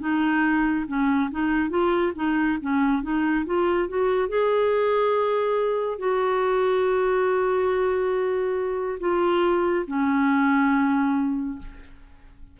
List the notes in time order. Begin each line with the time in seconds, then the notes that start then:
0.00 D#4
0.87 C#4
1.31 D#4
1.70 F4
2.15 D#4
2.61 C#4
3.03 D#4
3.46 F4
3.88 F#4
4.29 G#4
5.98 F#4
9.00 F4
9.87 C#4